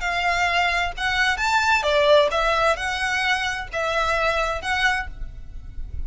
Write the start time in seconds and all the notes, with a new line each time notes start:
0.00 F5
0.97 F#5
1.37 A5
1.83 D5
2.31 E5
2.76 F#5
3.73 E5
4.61 F#5